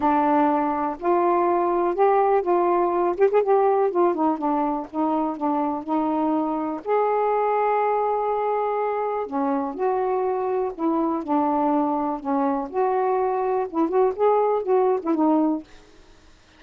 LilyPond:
\new Staff \with { instrumentName = "saxophone" } { \time 4/4 \tempo 4 = 123 d'2 f'2 | g'4 f'4. g'16 gis'16 g'4 | f'8 dis'8 d'4 dis'4 d'4 | dis'2 gis'2~ |
gis'2. cis'4 | fis'2 e'4 d'4~ | d'4 cis'4 fis'2 | e'8 fis'8 gis'4 fis'8. e'16 dis'4 | }